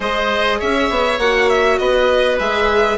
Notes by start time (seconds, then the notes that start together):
0.00 G#3 G#4 C5 D#5
0.59 C#4 C#5 E5
0.90 B3
1.18 A#3 F#4 F#5
1.49 E5
1.78 B3 B4 D#5
2.39 G#3 G#4 E5